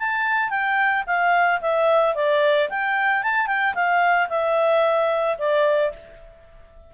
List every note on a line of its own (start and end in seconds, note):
0.00 0.50 A5
0.50 1.04 G5
1.07 1.61 F5
1.61 2.15 E5
2.15 2.70 D5
2.70 3.24 G5
3.24 3.48 A5
3.48 3.75 G5
3.75 4.29 F5
4.30 5.38 E5
5.39 5.93 D5